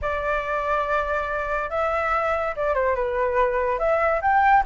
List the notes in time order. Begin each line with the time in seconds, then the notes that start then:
0.01 D5
1.70 E5
2.56 D5
2.74 C5
2.95 B4
3.78 E5
4.21 G5